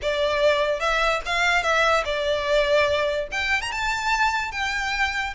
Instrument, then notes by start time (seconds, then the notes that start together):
violin
0.01 D5
0.79 E5
1.25 F5
1.62 E5
2.05 D5
3.31 G5
3.61 A#5
3.71 A5
4.51 G5